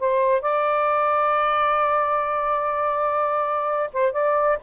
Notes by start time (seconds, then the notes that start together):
0.00 C5
0.41 D5
3.93 C5
4.12 D5